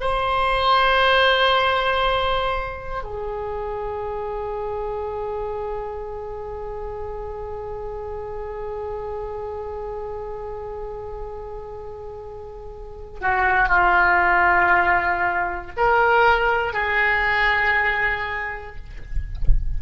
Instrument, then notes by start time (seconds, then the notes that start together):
oboe
0.00 C5
3.03 G#4
13.21 F#4
13.68 F4
15.77 A#4
16.73 G#4